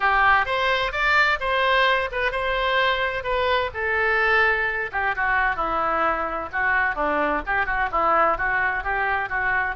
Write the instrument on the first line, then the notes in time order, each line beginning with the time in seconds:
oboe
0.00 G4
0.45 C5
0.92 D5
1.40 C5
2.11 B4
2.31 C5
3.23 B4
3.74 A4
4.92 G4
5.15 F#4
5.56 E4
6.52 F#4
6.95 D4
7.46 G4
7.65 F#4
7.91 E4
8.37 F#4
8.83 G4
9.29 F#4